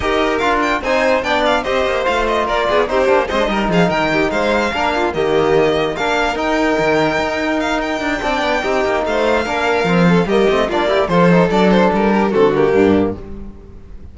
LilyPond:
<<
  \new Staff \with { instrumentName = "violin" } { \time 4/4 \tempo 4 = 146 dis''4 f''8 g''8 gis''4 g''8 f''8 | dis''4 f''8 dis''8 d''4 c''4 | dis''4 f''8 g''4 f''4.~ | f''8 dis''2 f''4 g''8~ |
g''2~ g''8 f''8 g''4~ | g''2 f''2~ | f''4 dis''4 d''4 c''4 | d''8 c''8 ais'4 a'8 g'4. | }
  \new Staff \with { instrumentName = "violin" } { \time 4/4 ais'2 c''4 d''4 | c''2 ais'8 gis'8 g'4 | c''8 ais'8 gis'8 ais'8 g'8 c''4 ais'8 | f'8 g'2 ais'4.~ |
ais'1 | d''4 g'4 c''4 ais'4~ | ais'8 a'8 g'4 f'8 g'8 a'4~ | a'4. g'8 fis'4 d'4 | }
  \new Staff \with { instrumentName = "trombone" } { \time 4/4 g'4 f'4 dis'4 d'4 | g'4 f'2 dis'8 d'8 | c'16 d'16 dis'2. d'8~ | d'8 ais2 d'4 dis'8~ |
dis'1 | d'4 dis'2 d'4 | c'4 ais8 c'8 d'8 e'8 f'8 dis'8 | d'2 c'8 ais4. | }
  \new Staff \with { instrumentName = "cello" } { \time 4/4 dis'4 d'4 c'4 b4 | c'8 ais8 a4 ais8 b8 c'8 ais8 | gis8 g8 f8 dis4 gis4 ais8~ | ais8 dis2 ais4 dis'8~ |
dis'8 dis4 dis'2 d'8 | c'8 b8 c'8 ais8 a4 ais4 | f4 g8 a8 ais4 f4 | fis4 g4 d4 g,4 | }
>>